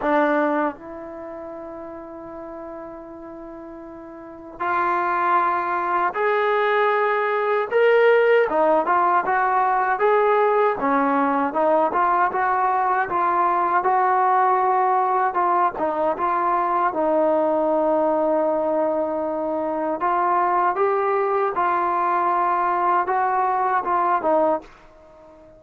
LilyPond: \new Staff \with { instrumentName = "trombone" } { \time 4/4 \tempo 4 = 78 d'4 e'2.~ | e'2 f'2 | gis'2 ais'4 dis'8 f'8 | fis'4 gis'4 cis'4 dis'8 f'8 |
fis'4 f'4 fis'2 | f'8 dis'8 f'4 dis'2~ | dis'2 f'4 g'4 | f'2 fis'4 f'8 dis'8 | }